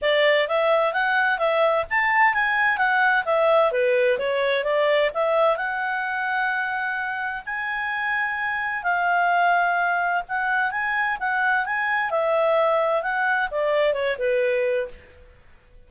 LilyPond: \new Staff \with { instrumentName = "clarinet" } { \time 4/4 \tempo 4 = 129 d''4 e''4 fis''4 e''4 | a''4 gis''4 fis''4 e''4 | b'4 cis''4 d''4 e''4 | fis''1 |
gis''2. f''4~ | f''2 fis''4 gis''4 | fis''4 gis''4 e''2 | fis''4 d''4 cis''8 b'4. | }